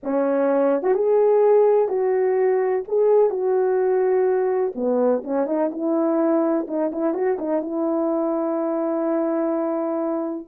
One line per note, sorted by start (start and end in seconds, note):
0.03 0.82 C#4
0.82 0.94 F#4
0.94 1.88 G#4
1.88 2.83 F#4
2.88 3.30 G#4
3.30 4.73 F#4
4.75 5.22 B3
5.24 5.46 C#4
5.46 5.70 D#4
5.71 6.66 E4
6.67 6.91 D#4
6.92 7.13 E4
7.13 7.37 F#4
7.39 7.61 D#4
7.61 10.47 E4